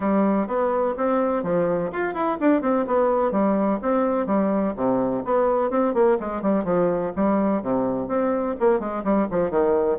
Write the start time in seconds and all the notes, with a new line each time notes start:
0.00 G3
0.47 B3
0.97 C4
1.43 F3
1.92 F4
2.13 E4
2.40 D4
2.61 C4
2.86 B3
3.31 G3
3.82 C4
4.26 G3
4.76 C3
5.24 B3
5.70 C4
5.94 A#3
6.20 G#3
6.42 G3
6.64 F3
7.16 G3
7.62 C3
8.08 C4
8.60 A#3
8.79 G#3
9.03 G3
9.31 F3
9.50 D#3